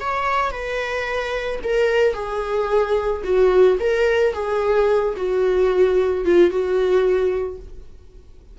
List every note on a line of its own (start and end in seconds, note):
0.00 0.51 C#5
0.51 1.59 B4
1.63 2.14 A#4
2.14 3.22 G#4
3.24 3.78 F#4
3.80 4.33 A#4
4.33 5.14 G#4
5.16 6.24 F#4
6.24 6.50 F4
6.50 7.58 F#4